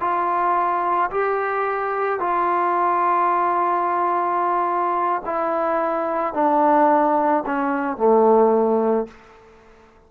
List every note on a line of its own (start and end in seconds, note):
0.00 1.10 F4
1.10 2.19 G4
2.19 5.22 F4
5.25 6.34 E4
6.34 7.44 D4
7.45 7.97 C#4
7.97 9.07 A3